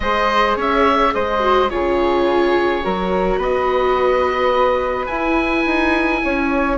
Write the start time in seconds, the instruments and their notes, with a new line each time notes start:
0.00 bassoon G#3, viola G#4, flute C5, oboe D#5
0.56 bassoon C#4, flute C#5, oboe E5
1.13 bassoon G#3, flute C5, oboe D#5
1.39 viola F#4
1.69 bassoon C#3, viola F4, flute G#4, oboe C#5
2.82 bassoon F#3, viola F#4, flute A#4
3.37 bassoon B3, flute B4, oboe D#5
5.06 bassoon E4, viola E4, oboe G#5
5.65 bassoon D#4
6.23 bassoon C#4, flute C#5